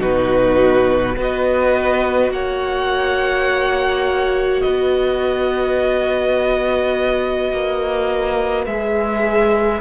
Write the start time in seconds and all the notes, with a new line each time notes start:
0.00 B2 D#4 F#4 B4
1.16 B3 F#4 B4 D#5
2.31 A#3 C#5 F#5
4.62 B3 B4 D#5
7.52 A#3
8.66 G#3 G#4 E5